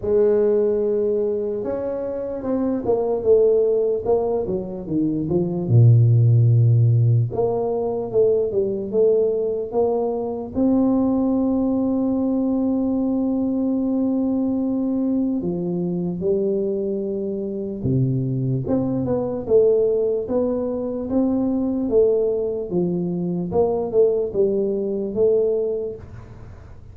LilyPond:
\new Staff \with { instrumentName = "tuba" } { \time 4/4 \tempo 4 = 74 gis2 cis'4 c'8 ais8 | a4 ais8 fis8 dis8 f8 ais,4~ | ais,4 ais4 a8 g8 a4 | ais4 c'2.~ |
c'2. f4 | g2 c4 c'8 b8 | a4 b4 c'4 a4 | f4 ais8 a8 g4 a4 | }